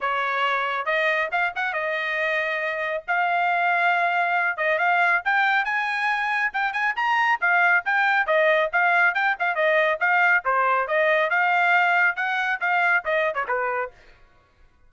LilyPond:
\new Staff \with { instrumentName = "trumpet" } { \time 4/4 \tempo 4 = 138 cis''2 dis''4 f''8 fis''8 | dis''2. f''4~ | f''2~ f''8 dis''8 f''4 | g''4 gis''2 g''8 gis''8 |
ais''4 f''4 g''4 dis''4 | f''4 g''8 f''8 dis''4 f''4 | c''4 dis''4 f''2 | fis''4 f''4 dis''8. cis''16 b'4 | }